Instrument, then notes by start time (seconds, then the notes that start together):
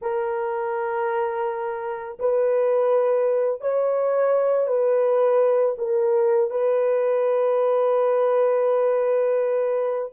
horn
0.01 A#4
2.19 B4
3.60 C#5
4.67 B4
5.78 A#4
6.50 B4